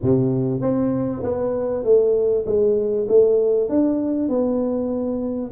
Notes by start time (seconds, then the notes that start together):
0.02 C3
0.61 C4
1.23 B3
1.84 A3
2.45 G#3
3.08 A3
3.69 D4
4.29 B3